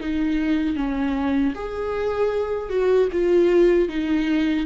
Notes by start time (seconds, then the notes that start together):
0.00 D#4
0.76 C#4
1.55 G#4
2.70 F#4
3.12 F4
3.89 D#4